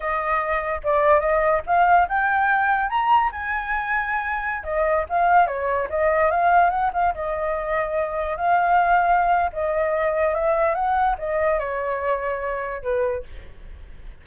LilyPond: \new Staff \with { instrumentName = "flute" } { \time 4/4 \tempo 4 = 145 dis''2 d''4 dis''4 | f''4 g''2 ais''4 | gis''2.~ gis''16 dis''8.~ | dis''16 f''4 cis''4 dis''4 f''8.~ |
f''16 fis''8 f''8 dis''2~ dis''8.~ | dis''16 f''2~ f''8. dis''4~ | dis''4 e''4 fis''4 dis''4 | cis''2. b'4 | }